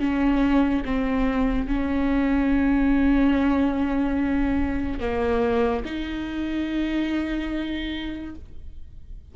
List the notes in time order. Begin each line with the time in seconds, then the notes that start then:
0.00 C#4
0.86 C4
1.68 C#4
5.00 A#3
5.85 D#4